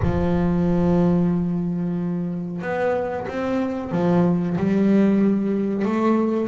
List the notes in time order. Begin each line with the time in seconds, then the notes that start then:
0.02 F3
2.61 B3
3.28 C4
3.91 F3
4.57 G3
5.84 A3